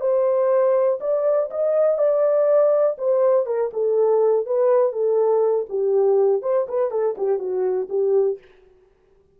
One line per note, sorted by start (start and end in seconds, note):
0.00 0.98 C5
1.00 1.49 D5
1.50 1.98 D#5
1.98 2.96 D5
2.98 3.46 C5
3.46 3.70 A#4
3.73 4.46 A4
4.46 4.92 B4
4.92 5.66 A4
5.69 6.42 G4
6.42 6.66 C5
6.68 6.91 B4
6.91 7.15 A4
7.17 7.39 G4
7.39 7.88 F#4
7.89 8.38 G4